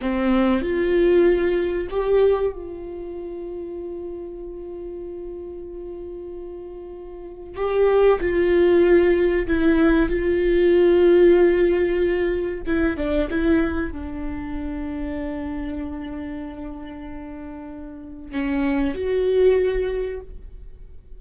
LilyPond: \new Staff \with { instrumentName = "viola" } { \time 4/4 \tempo 4 = 95 c'4 f'2 g'4 | f'1~ | f'1 | g'4 f'2 e'4 |
f'1 | e'8 d'8 e'4 d'2~ | d'1~ | d'4 cis'4 fis'2 | }